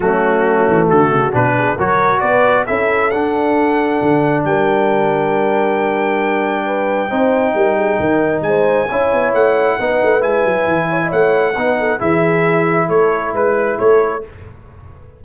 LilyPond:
<<
  \new Staff \with { instrumentName = "trumpet" } { \time 4/4 \tempo 4 = 135 fis'2 a'4 b'4 | cis''4 d''4 e''4 fis''4~ | fis''2 g''2~ | g''1~ |
g''2. gis''4~ | gis''4 fis''2 gis''4~ | gis''4 fis''2 e''4~ | e''4 cis''4 b'4 cis''4 | }
  \new Staff \with { instrumentName = "horn" } { \time 4/4 cis'2 fis'4. gis'8 | ais'4 b'4 a'2~ | a'2 ais'2~ | ais'2. b'4 |
c''4 ais'8 gis'8 ais'4 c''4 | cis''2 b'2~ | b'8 cis''16 dis''16 cis''4 b'8 a'8 gis'4~ | gis'4 a'4 b'4 a'4 | }
  \new Staff \with { instrumentName = "trombone" } { \time 4/4 a2. d'4 | fis'2 e'4 d'4~ | d'1~ | d'1 |
dis'1 | e'2 dis'4 e'4~ | e'2 dis'4 e'4~ | e'1 | }
  \new Staff \with { instrumentName = "tuba" } { \time 4/4 fis4. e8 d8 cis8 b,4 | fis4 b4 cis'4 d'4~ | d'4 d4 g2~ | g1 |
c'4 g4 dis4 gis4 | cis'8 b8 a4 b8 a8 gis8 fis8 | e4 a4 b4 e4~ | e4 a4 gis4 a4 | }
>>